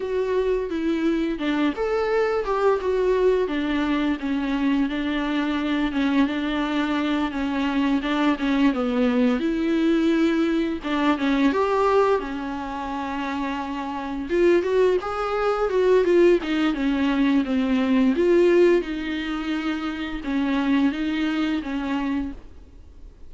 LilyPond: \new Staff \with { instrumentName = "viola" } { \time 4/4 \tempo 4 = 86 fis'4 e'4 d'8 a'4 g'8 | fis'4 d'4 cis'4 d'4~ | d'8 cis'8 d'4. cis'4 d'8 | cis'8 b4 e'2 d'8 |
cis'8 g'4 cis'2~ cis'8~ | cis'8 f'8 fis'8 gis'4 fis'8 f'8 dis'8 | cis'4 c'4 f'4 dis'4~ | dis'4 cis'4 dis'4 cis'4 | }